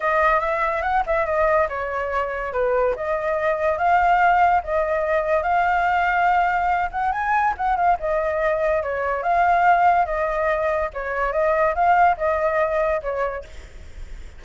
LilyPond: \new Staff \with { instrumentName = "flute" } { \time 4/4 \tempo 4 = 143 dis''4 e''4 fis''8 e''8 dis''4 | cis''2 b'4 dis''4~ | dis''4 f''2 dis''4~ | dis''4 f''2.~ |
f''8 fis''8 gis''4 fis''8 f''8 dis''4~ | dis''4 cis''4 f''2 | dis''2 cis''4 dis''4 | f''4 dis''2 cis''4 | }